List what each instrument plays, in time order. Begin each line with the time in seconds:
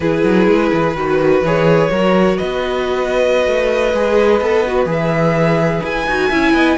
0.00 cello E3, viola E4, violin G#4 B4
0.23 cello F#3
0.47 cello G#3
0.72 cello E3
0.95 cello D#3, viola F#4, violin B4
1.41 cello E3, viola G#4, violin C#5
1.90 cello F#3, viola F#4, violin A#4
2.37 cello B3, violin B4 D#5
3.46 cello A3
3.93 cello G#3, viola G#4
4.40 cello B3, viola A4
4.66 viola F#4
4.85 cello E3, viola G#4
4.91 violin E5
5.82 cello E4, violin G#5
6.06 cello D#4, viola F#4
6.28 cello C#4, viola E4, violin E5
6.53 cello B3, violin D#5